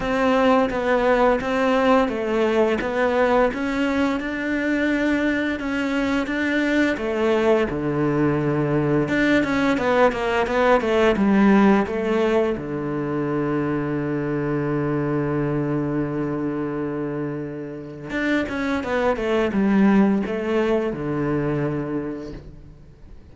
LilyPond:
\new Staff \with { instrumentName = "cello" } { \time 4/4 \tempo 4 = 86 c'4 b4 c'4 a4 | b4 cis'4 d'2 | cis'4 d'4 a4 d4~ | d4 d'8 cis'8 b8 ais8 b8 a8 |
g4 a4 d2~ | d1~ | d2 d'8 cis'8 b8 a8 | g4 a4 d2 | }